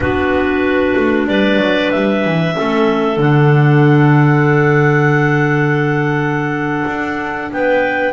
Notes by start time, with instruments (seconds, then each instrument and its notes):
0.00 double bass B3, clarinet D4 F#4 B4
0.96 double bass A3
1.27 double bass G3, clarinet B4 D5
1.57 double bass F#3
1.91 double bass G3, clarinet E5
2.24 double bass E3
2.55 double bass A3, clarinet C#4 A4
3.16 double bass D3, clarinet D4 F#5
6.86 double bass D4
7.51 double bass B3, clarinet B4 G5